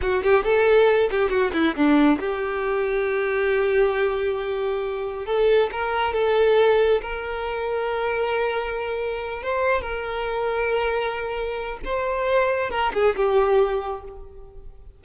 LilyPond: \new Staff \with { instrumentName = "violin" } { \time 4/4 \tempo 4 = 137 fis'8 g'8 a'4. g'8 fis'8 e'8 | d'4 g'2.~ | g'1 | a'4 ais'4 a'2 |
ais'1~ | ais'4. c''4 ais'4.~ | ais'2. c''4~ | c''4 ais'8 gis'8 g'2 | }